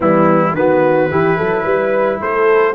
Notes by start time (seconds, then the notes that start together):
0.00 E3 G3 B3 E4
0.53 D#3 B3 F#4 B4
1.10 E3 E4 G4
1.36 F#3 A4
1.64 G3 B4
2.20 A3 A4 C5